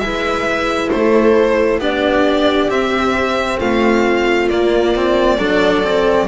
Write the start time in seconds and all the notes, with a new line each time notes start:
0.00 G#3 E4 B4 E5
0.90 A3 A4 C5
1.79 B3 D4 G4 D5
2.69 C4 E5
3.59 A3 F4 F5
4.49 A#3 D5
4.96 C4
5.38 F#3 D4 A4
5.84 C4